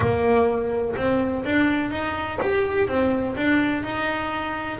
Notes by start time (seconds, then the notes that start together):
0.00 A#3
0.96 C4
1.44 D4
1.90 D#4
2.41 G4
2.87 C4
3.36 D4
3.83 D#4